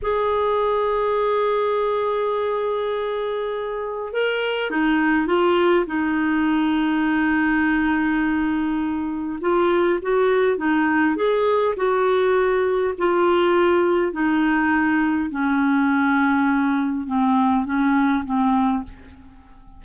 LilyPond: \new Staff \with { instrumentName = "clarinet" } { \time 4/4 \tempo 4 = 102 gis'1~ | gis'2. ais'4 | dis'4 f'4 dis'2~ | dis'1 |
f'4 fis'4 dis'4 gis'4 | fis'2 f'2 | dis'2 cis'2~ | cis'4 c'4 cis'4 c'4 | }